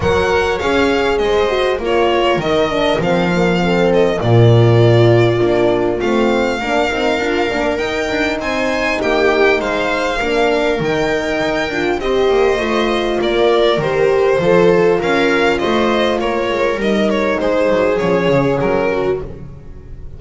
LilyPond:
<<
  \new Staff \with { instrumentName = "violin" } { \time 4/4 \tempo 4 = 100 fis''4 f''4 dis''4 cis''4 | dis''4 f''4. dis''8 d''4~ | d''2 f''2~ | f''4 g''4 gis''4 g''4 |
f''2 g''2 | dis''2 d''4 c''4~ | c''4 f''4 dis''4 cis''4 | dis''8 cis''8 c''4 cis''4 ais'4 | }
  \new Staff \with { instrumentName = "viola" } { \time 4/4 cis''2 c''4 ais'4~ | ais'2 a'4 f'4~ | f'2. ais'4~ | ais'2 c''4 g'4 |
c''4 ais'2. | c''2 ais'2 | a'4 ais'4 c''4 ais'4~ | ais'4 gis'2~ gis'8 fis'8 | }
  \new Staff \with { instrumentName = "horn" } { \time 4/4 ais'4 gis'4. fis'8 f'4 | dis'8 d'8 c'8 ais8 c'4 ais4~ | ais4 d'4 c'4 d'8 dis'8 | f'8 d'8 dis'2.~ |
dis'4 d'4 dis'4. f'8 | g'4 f'2 g'4 | f'1 | dis'2 cis'2 | }
  \new Staff \with { instrumentName = "double bass" } { \time 4/4 fis4 cis'4 gis4 ais4 | dis4 f2 ais,4~ | ais,4 ais4 a4 ais8 c'8 | d'8 ais8 dis'8 d'8 c'4 ais4 |
gis4 ais4 dis4 dis'8 d'8 | c'8 ais8 a4 ais4 dis4 | f4 cis'4 a4 ais8 gis8 | g4 gis8 fis8 f8 cis8 fis4 | }
>>